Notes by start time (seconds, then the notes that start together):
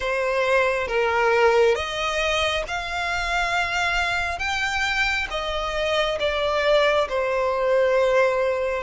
0.00 C5
0.87 A#4
1.75 D#5
2.67 F5
4.38 G5
5.30 D#5
6.19 D5
7.08 C5